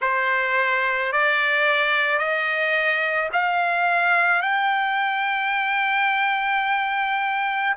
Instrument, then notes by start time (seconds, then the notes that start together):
trumpet
0.01 C5
1.12 D5
2.18 D#5
3.32 F5
4.41 G5